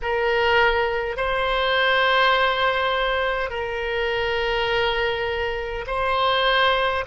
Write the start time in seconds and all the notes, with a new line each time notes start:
0.02 A#4
1.17 C5
3.50 A#4
5.87 C5